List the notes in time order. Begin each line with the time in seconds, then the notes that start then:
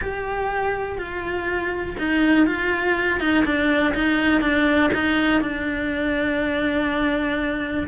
0.01 G4
0.97 F4
1.98 D#4
2.46 F4
3.19 D#4
3.44 D4
3.94 D#4
4.41 D4
4.94 D#4
5.41 D4